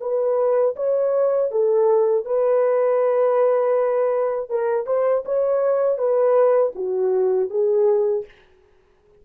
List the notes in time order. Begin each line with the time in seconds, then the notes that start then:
0.00 B4
0.76 C#5
1.51 A4
2.25 B4
4.49 A#4
4.86 C5
5.25 C#5
5.97 B4
6.75 F#4
7.50 G#4